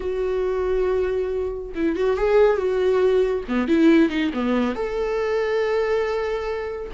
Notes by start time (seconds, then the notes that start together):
0.00 F#4
1.74 E4
1.96 F#4
2.17 G#4
2.57 F#4
3.47 B3
3.68 E4
4.09 D#4
4.33 B3
4.75 A4